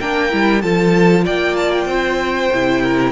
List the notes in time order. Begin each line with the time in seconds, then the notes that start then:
0.00 A#3 D4 A#4 G5
0.30 G3 E4
0.62 F3 F4 A4 A5
1.25 A#3 D5 G5
1.56 A5
1.72 G5
1.86 C4 C5
2.53 C3 E4
2.83 A#4